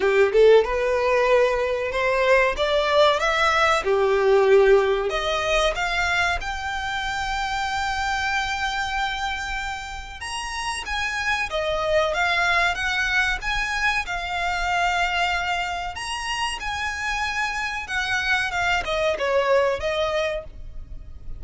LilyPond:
\new Staff \with { instrumentName = "violin" } { \time 4/4 \tempo 4 = 94 g'8 a'8 b'2 c''4 | d''4 e''4 g'2 | dis''4 f''4 g''2~ | g''1 |
ais''4 gis''4 dis''4 f''4 | fis''4 gis''4 f''2~ | f''4 ais''4 gis''2 | fis''4 f''8 dis''8 cis''4 dis''4 | }